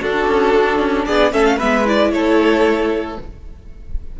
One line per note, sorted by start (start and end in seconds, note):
0.00 0.27 D4
0.00 1.32 D4
0.00 1.05 F#4
0.00 1.05 A4
0.28 0.54 C#4
0.54 0.79 D4
0.79 1.05 C#4
1.05 1.33 B3
1.05 1.32 G#4
1.05 1.32 D5
1.32 1.59 A3
1.32 1.58 C#4
1.32 1.57 A4
1.32 1.45 E5
1.45 1.58 F5
1.57 2.12 G#3
1.57 1.85 B3
1.57 2.10 B4
1.57 1.86 E5
1.85 3.17 E4
1.85 2.12 D5
2.12 3.17 A3
2.12 3.20 A4
2.12 3.17 C#5